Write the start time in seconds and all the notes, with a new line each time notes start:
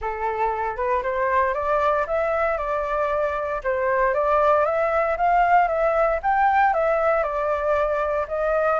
0.01 A4
0.76 B4
1.02 C5
1.54 D5
2.06 E5
2.57 D5
3.63 C5
4.14 D5
4.65 E5
5.17 F5
5.68 E5
6.22 G5
6.73 E5
7.23 D5
8.28 D#5